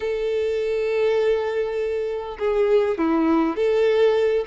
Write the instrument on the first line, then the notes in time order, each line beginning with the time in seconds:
violin
0.00 A4
2.38 G#4
2.98 E4
3.56 A4